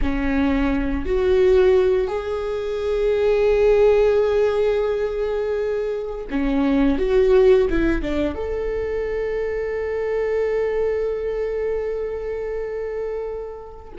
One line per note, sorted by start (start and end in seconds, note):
0.01 1.05 C#4
1.05 2.07 F#4
2.07 6.26 G#4
6.30 6.98 C#4
6.98 7.68 F#4
7.69 8.02 E4
8.02 8.34 D4
8.34 13.92 A4